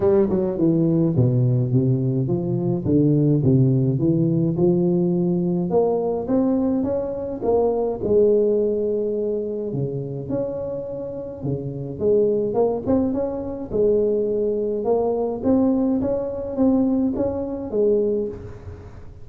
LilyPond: \new Staff \with { instrumentName = "tuba" } { \time 4/4 \tempo 4 = 105 g8 fis8 e4 b,4 c4 | f4 d4 c4 e4 | f2 ais4 c'4 | cis'4 ais4 gis2~ |
gis4 cis4 cis'2 | cis4 gis4 ais8 c'8 cis'4 | gis2 ais4 c'4 | cis'4 c'4 cis'4 gis4 | }